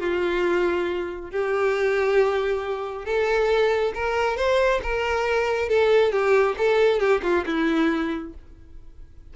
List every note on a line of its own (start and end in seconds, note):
0.00 1.31 F4
1.31 3.06 G4
3.06 3.93 A4
3.95 4.37 A#4
4.37 4.81 C5
4.83 5.69 A#4
5.69 6.12 A4
6.12 6.56 G4
6.58 7.00 A4
7.00 7.22 G4
7.23 7.45 F4
7.46 8.34 E4